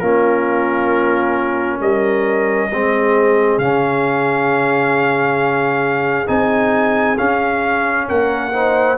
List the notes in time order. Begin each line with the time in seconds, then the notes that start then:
0.00 A#3 C#4 F4 A#4
1.80 G3 A#4 D#5
2.71 G#3 C4 G#4
3.58 C#3 C#4 F5
6.27 C4 D#4 G#5
7.18 C#4 F5
8.08 A#3 A#4 F#5
8.53 D#4 C5